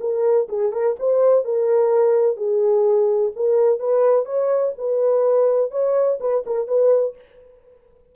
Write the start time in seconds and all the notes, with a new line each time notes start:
0.00 A#4
0.48 G#4
0.72 A#4
0.99 C5
1.45 A#4
2.36 G#4
3.36 A#4
3.79 B4
4.26 C#5
4.78 B4
5.71 C#5
6.20 B4
6.46 A#4
6.67 B4